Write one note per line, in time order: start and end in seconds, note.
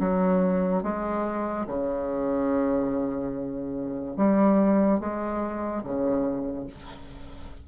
0.00 0.83 F#3
0.83 1.66 G#3
1.67 4.17 C#3
4.17 5.00 G3
5.00 5.83 G#3
5.83 6.67 C#3